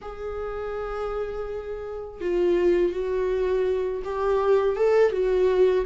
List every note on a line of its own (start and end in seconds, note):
0.01 2.20 G#4
2.20 2.92 F4
2.92 4.02 F#4
4.04 4.76 G4
4.76 5.12 A4
5.12 5.85 F#4